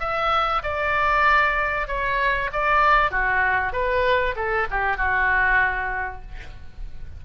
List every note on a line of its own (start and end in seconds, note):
0.00 0.62 E5
0.63 1.88 D5
1.88 2.50 C#5
2.53 3.11 D5
3.11 3.73 F#4
3.73 4.35 B4
4.36 4.67 A4
4.70 4.97 G4
4.97 6.22 F#4